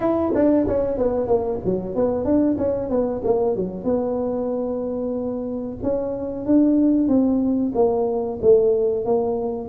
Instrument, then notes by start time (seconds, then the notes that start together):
tuba
0.00 E4
0.34 D4
0.67 C#4
0.97 B3
1.27 A#3
1.64 F#3
1.95 B3
2.24 D4
2.58 C#4
2.89 B3
3.24 A#3
3.56 F#3
3.84 B3
5.82 C#4
6.45 D4
7.08 C4
7.74 A#3
8.42 A3
9.05 A#3